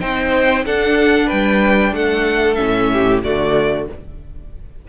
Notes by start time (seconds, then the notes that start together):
0.00 C4 D#4 C5 G5
0.65 D4 A4 F#5
1.27 G3 B4 G5
1.93 A3 A4 F#5
2.55 A2 C#4 E5
2.93 G4
3.23 D3 A3 F#4 D5